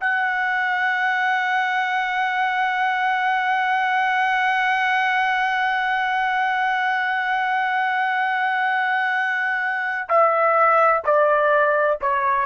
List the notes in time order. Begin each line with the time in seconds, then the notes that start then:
0.00 F#5
10.09 E5
11.05 D5
12.01 C#5